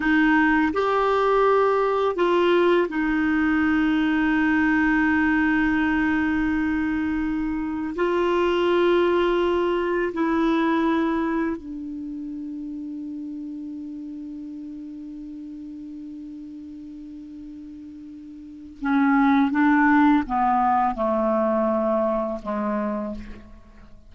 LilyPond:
\new Staff \with { instrumentName = "clarinet" } { \time 4/4 \tempo 4 = 83 dis'4 g'2 f'4 | dis'1~ | dis'2. f'4~ | f'2 e'2 |
d'1~ | d'1~ | d'2 cis'4 d'4 | b4 a2 gis4 | }